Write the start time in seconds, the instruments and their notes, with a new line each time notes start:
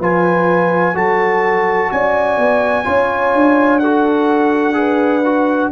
0.00 tuba F3, trombone F4, horn B4, trumpet G#5
0.95 tuba F#3, trombone F#4, horn A4, trumpet A5
1.92 tuba C#4, horn D5, trumpet G#5
2.38 tuba B3
2.85 tuba C#4, trombone F4, horn C#5
3.34 tuba D4
3.79 trombone F#4, horn A4, trumpet F#5
4.74 trombone G#4, horn B4
5.26 trombone F#4